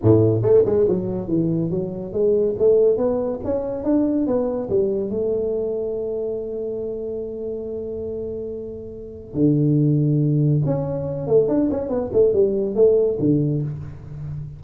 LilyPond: \new Staff \with { instrumentName = "tuba" } { \time 4/4 \tempo 4 = 141 a,4 a8 gis8 fis4 e4 | fis4 gis4 a4 b4 | cis'4 d'4 b4 g4 | a1~ |
a1~ | a2 d2~ | d4 cis'4. a8 d'8 cis'8 | b8 a8 g4 a4 d4 | }